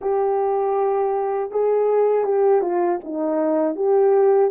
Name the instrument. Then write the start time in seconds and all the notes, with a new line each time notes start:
horn
0.01 G4
1.51 G#4
2.24 G4
2.61 F4
3.03 D#4
3.75 G4